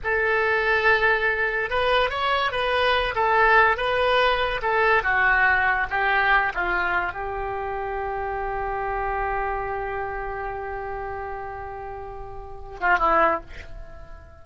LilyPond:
\new Staff \with { instrumentName = "oboe" } { \time 4/4 \tempo 4 = 143 a'1 | b'4 cis''4 b'4. a'8~ | a'4 b'2 a'4 | fis'2 g'4. f'8~ |
f'4 g'2.~ | g'1~ | g'1~ | g'2~ g'8 f'8 e'4 | }